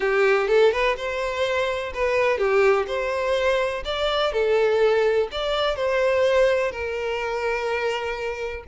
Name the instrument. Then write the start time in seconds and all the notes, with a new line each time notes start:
violin
0.00 G4
0.48 A4
0.72 B4
0.96 C5
1.94 B4
2.38 G4
2.87 C5
3.84 D5
4.32 A4
5.31 D5
5.76 C5
6.71 A#4